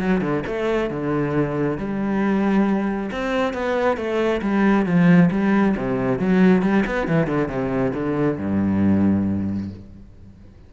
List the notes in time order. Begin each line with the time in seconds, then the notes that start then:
0.00 F#3
0.22 D3
0.47 A3
0.91 D3
1.78 G3
3.12 C4
3.54 B3
3.97 A3
4.42 G3
4.86 F3
5.32 G3
5.77 C3
6.19 F#3
6.63 G3
6.87 B3
7.08 E3
7.28 D3
7.48 C3
7.94 D3
8.38 G2